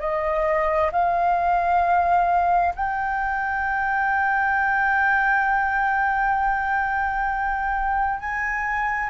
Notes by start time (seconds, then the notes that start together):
0.00 D#5
0.92 F5
2.75 G5
8.20 G#5